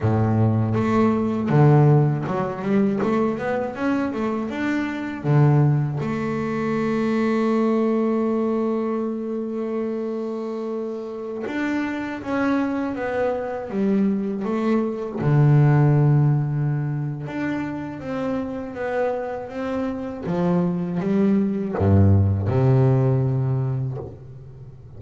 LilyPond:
\new Staff \with { instrumentName = "double bass" } { \time 4/4 \tempo 4 = 80 a,4 a4 d4 fis8 g8 | a8 b8 cis'8 a8 d'4 d4 | a1~ | a2.~ a16 d'8.~ |
d'16 cis'4 b4 g4 a8.~ | a16 d2~ d8. d'4 | c'4 b4 c'4 f4 | g4 g,4 c2 | }